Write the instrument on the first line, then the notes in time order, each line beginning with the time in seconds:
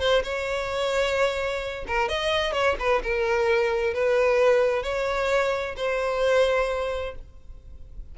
violin
0.00 C5
0.24 C#5
1.88 A#4
2.09 D#5
2.53 C#5
2.80 B4
3.03 A#4
3.94 B4
4.83 C#5
5.77 C5